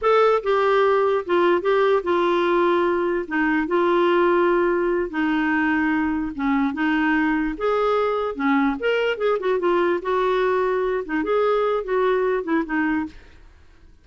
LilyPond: \new Staff \with { instrumentName = "clarinet" } { \time 4/4 \tempo 4 = 147 a'4 g'2 f'4 | g'4 f'2. | dis'4 f'2.~ | f'8 dis'2. cis'8~ |
cis'8 dis'2 gis'4.~ | gis'8 cis'4 ais'4 gis'8 fis'8 f'8~ | f'8 fis'2~ fis'8 dis'8 gis'8~ | gis'4 fis'4. e'8 dis'4 | }